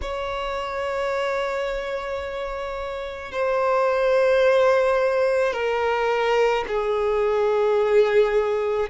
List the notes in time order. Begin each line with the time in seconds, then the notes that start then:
0.01 C#5
3.31 C5
5.53 A#4
6.67 G#4